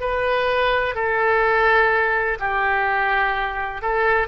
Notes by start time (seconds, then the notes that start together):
0.00 B4
0.95 A4
2.39 G4
3.81 A4